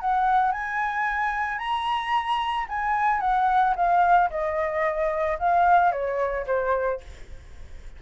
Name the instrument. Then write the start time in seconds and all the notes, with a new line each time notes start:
flute
0.00 F#5
0.52 G#5
1.58 A#5
2.69 G#5
3.20 F#5
3.76 F5
4.30 D#5
5.39 F5
5.92 C#5
6.46 C5